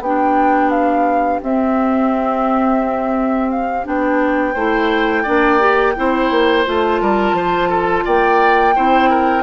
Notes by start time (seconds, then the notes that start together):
0.00 B3 D4 G4 G5
0.70 F5
1.42 C4 E5
3.50 F5
3.84 B3 D4 G5
4.54 A3 E4 C5
5.23 A#3 D4 D5
5.60 G4
5.96 C4 E4 C5
6.31 A#3
6.65 A3 F4 A5
7.01 G3 A#4
7.33 F3 C5
7.69 A4
8.05 A#3 D5 G5
8.76 C4 E4 C5
9.10 A#4